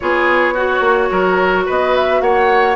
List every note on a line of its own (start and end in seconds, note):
0.00 0.80 B3
0.00 0.56 F4
0.00 0.54 G#4
0.00 1.65 C#5
0.54 1.09 F#4
0.54 2.76 F#4
0.80 1.08 A#3
1.11 1.66 F#3
1.11 1.65 A#4
1.65 2.21 B3
1.65 2.21 B4
1.65 1.95 D#5
1.95 2.21 E5
2.21 2.76 A#3
2.21 2.76 C#5
2.21 2.76 F#5